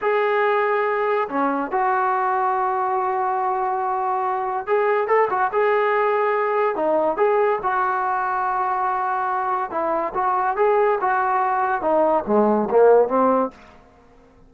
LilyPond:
\new Staff \with { instrumentName = "trombone" } { \time 4/4 \tempo 4 = 142 gis'2. cis'4 | fis'1~ | fis'2. gis'4 | a'8 fis'8 gis'2. |
dis'4 gis'4 fis'2~ | fis'2. e'4 | fis'4 gis'4 fis'2 | dis'4 gis4 ais4 c'4 | }